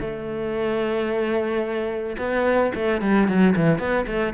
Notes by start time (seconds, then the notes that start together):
0.00 A3
2.18 B3
2.75 A3
3.01 G3
3.28 F#3
3.56 E3
3.78 B3
4.06 A3